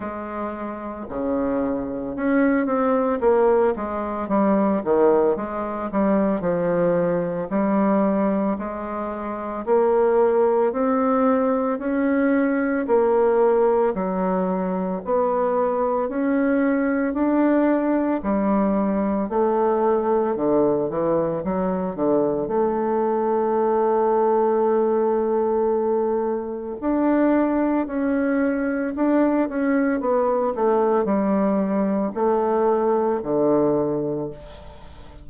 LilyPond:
\new Staff \with { instrumentName = "bassoon" } { \time 4/4 \tempo 4 = 56 gis4 cis4 cis'8 c'8 ais8 gis8 | g8 dis8 gis8 g8 f4 g4 | gis4 ais4 c'4 cis'4 | ais4 fis4 b4 cis'4 |
d'4 g4 a4 d8 e8 | fis8 d8 a2.~ | a4 d'4 cis'4 d'8 cis'8 | b8 a8 g4 a4 d4 | }